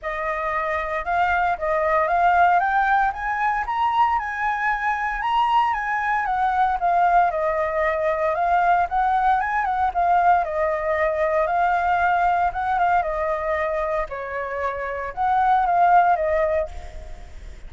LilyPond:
\new Staff \with { instrumentName = "flute" } { \time 4/4 \tempo 4 = 115 dis''2 f''4 dis''4 | f''4 g''4 gis''4 ais''4 | gis''2 ais''4 gis''4 | fis''4 f''4 dis''2 |
f''4 fis''4 gis''8 fis''8 f''4 | dis''2 f''2 | fis''8 f''8 dis''2 cis''4~ | cis''4 fis''4 f''4 dis''4 | }